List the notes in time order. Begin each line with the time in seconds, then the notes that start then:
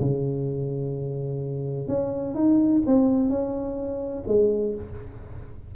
0.00 C#3
1.87 C#4
2.34 D#4
2.86 C4
3.29 C#4
4.27 G#3